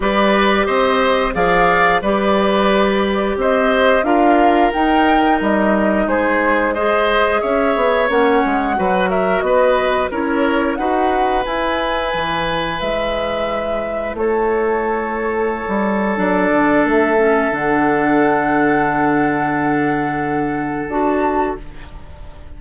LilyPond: <<
  \new Staff \with { instrumentName = "flute" } { \time 4/4 \tempo 4 = 89 d''4 dis''4 f''4 d''4~ | d''4 dis''4 f''4 g''4 | dis''4 c''4 dis''4 e''4 | fis''4. e''8 dis''4 cis''4 |
fis''4 gis''2 e''4~ | e''4 cis''2. | d''4 e''4 fis''2~ | fis''2. a''4 | }
  \new Staff \with { instrumentName = "oboe" } { \time 4/4 b'4 c''4 d''4 b'4~ | b'4 c''4 ais'2~ | ais'4 gis'4 c''4 cis''4~ | cis''4 b'8 ais'8 b'4 ais'4 |
b'1~ | b'4 a'2.~ | a'1~ | a'1 | }
  \new Staff \with { instrumentName = "clarinet" } { \time 4/4 g'2 gis'4 g'4~ | g'2 f'4 dis'4~ | dis'2 gis'2 | cis'4 fis'2 e'4 |
fis'4 e'2.~ | e'1 | d'4. cis'8 d'2~ | d'2. fis'4 | }
  \new Staff \with { instrumentName = "bassoon" } { \time 4/4 g4 c'4 f4 g4~ | g4 c'4 d'4 dis'4 | g4 gis2 cis'8 b8 | ais8 gis8 fis4 b4 cis'4 |
dis'4 e'4 e4 gis4~ | gis4 a2~ a16 g8. | fis8 d8 a4 d2~ | d2. d'4 | }
>>